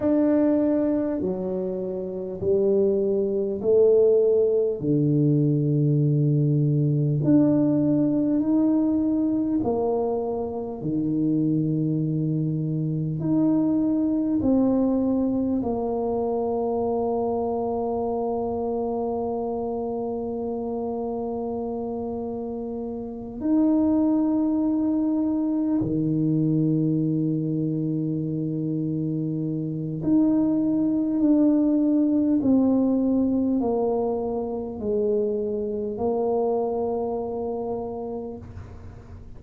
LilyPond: \new Staff \with { instrumentName = "tuba" } { \time 4/4 \tempo 4 = 50 d'4 fis4 g4 a4 | d2 d'4 dis'4 | ais4 dis2 dis'4 | c'4 ais2.~ |
ais2.~ ais8 dis'8~ | dis'4. dis2~ dis8~ | dis4 dis'4 d'4 c'4 | ais4 gis4 ais2 | }